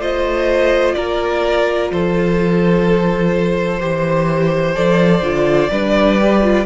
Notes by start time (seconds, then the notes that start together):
0.00 A3 F4 C5 D#5
0.94 A#3 A#4 D5
1.91 F3 A4 C5
3.80 E3 G4 C5
4.75 F3 A4 D5
5.22 D3 F4
5.71 G3 D4 B4
6.19 G4
6.42 F4